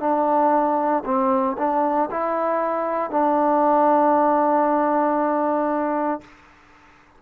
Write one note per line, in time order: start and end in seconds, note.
0.00 1.03 D4
1.05 1.57 C4
1.58 2.09 D4
2.11 3.10 E4
3.10 6.21 D4